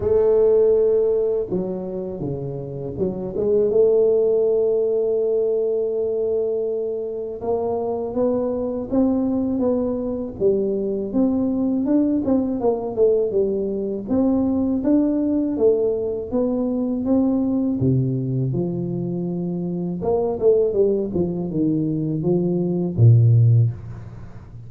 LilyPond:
\new Staff \with { instrumentName = "tuba" } { \time 4/4 \tempo 4 = 81 a2 fis4 cis4 | fis8 gis8 a2.~ | a2 ais4 b4 | c'4 b4 g4 c'4 |
d'8 c'8 ais8 a8 g4 c'4 | d'4 a4 b4 c'4 | c4 f2 ais8 a8 | g8 f8 dis4 f4 ais,4 | }